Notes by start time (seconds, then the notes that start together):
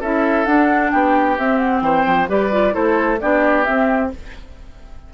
0.00 C#4 E4 A4 E5
0.45 D4 F#5
0.91 B3 G4 G5
1.38 C4 E5
1.58 F#5
1.81 E3 C5 G5
2.05 F3
2.28 G3 G4 B4 D5
2.52 F4
2.72 A3 E4 A4 C5
3.20 B3 D4 G4 D5
3.64 C4 E5